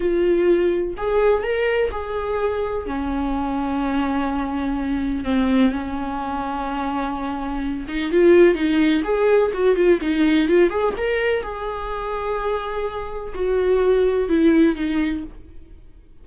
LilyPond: \new Staff \with { instrumentName = "viola" } { \time 4/4 \tempo 4 = 126 f'2 gis'4 ais'4 | gis'2 cis'2~ | cis'2. c'4 | cis'1~ |
cis'8 dis'8 f'4 dis'4 gis'4 | fis'8 f'8 dis'4 f'8 gis'8 ais'4 | gis'1 | fis'2 e'4 dis'4 | }